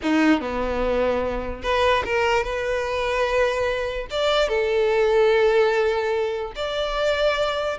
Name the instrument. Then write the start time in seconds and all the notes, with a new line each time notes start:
violin
0.02 D#4
0.41 B3
1.63 B4
2.05 A#4
2.43 B4
4.10 D5
4.48 A4
6.55 D5